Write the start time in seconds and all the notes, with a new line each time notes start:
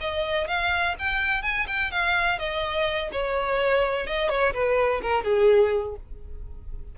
0.00 D#5
0.47 F5
0.98 G5
1.42 G#5
1.67 G5
1.91 F5
2.39 D#5
3.11 C#5
4.06 D#5
4.29 C#5
4.53 B4
5.02 A#4
5.24 G#4